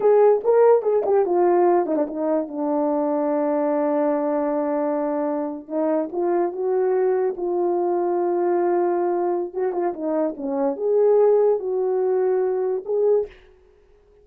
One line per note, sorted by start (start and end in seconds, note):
0.00 0.42 G#4
0.43 0.82 A#4
0.82 1.03 G#4
1.05 1.25 G4
1.25 1.86 F4
1.86 1.96 D#4
1.96 2.06 D4
2.07 2.47 D#4
2.47 5.67 D4
5.67 6.09 D#4
6.12 6.52 F4
6.52 7.34 F#4
7.36 9.53 F4
9.53 9.72 F#4
9.72 9.93 F4
9.93 10.34 D#4
10.36 10.76 C#4
10.76 11.59 G#4
11.59 12.83 F#4
12.85 13.26 G#4